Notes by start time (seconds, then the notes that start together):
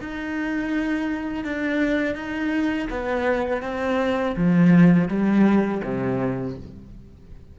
0.00 D#4
1.44 D4
2.15 D#4
2.90 B3
3.62 C4
4.36 F3
5.08 G3
5.84 C3